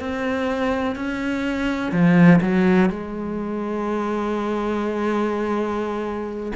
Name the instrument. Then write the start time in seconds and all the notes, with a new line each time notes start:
cello
0.00 C4
0.95 C#4
1.91 F3
2.41 F#3
2.89 G#3